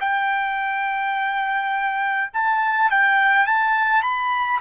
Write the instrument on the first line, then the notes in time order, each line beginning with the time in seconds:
trumpet
0.00 G5
2.33 A5
2.91 G5
3.46 A5
4.02 B5